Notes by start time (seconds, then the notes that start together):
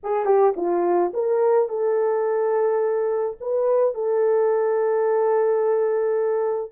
0.03 G#4
0.25 G4
0.56 F4
1.13 A#4
1.68 A4
3.40 B4
3.94 A4